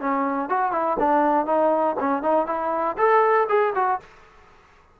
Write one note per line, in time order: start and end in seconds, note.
0.00 0.49 C#4
0.49 0.72 F#4
0.72 0.97 E4
0.99 1.46 D4
1.46 1.96 D#4
2.00 2.22 C#4
2.22 2.46 D#4
2.46 2.96 E4
2.97 3.47 A4
3.48 3.73 G#4
3.75 4.00 F#4